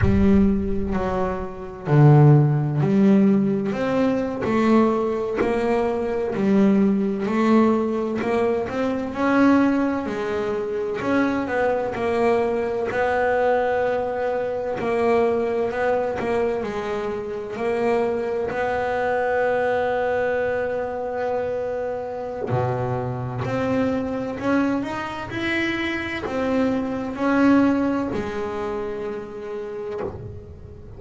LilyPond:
\new Staff \with { instrumentName = "double bass" } { \time 4/4 \tempo 4 = 64 g4 fis4 d4 g4 | c'8. a4 ais4 g4 a16~ | a8. ais8 c'8 cis'4 gis4 cis'16~ | cis'16 b8 ais4 b2 ais16~ |
ais8. b8 ais8 gis4 ais4 b16~ | b1 | b,4 c'4 cis'8 dis'8 e'4 | c'4 cis'4 gis2 | }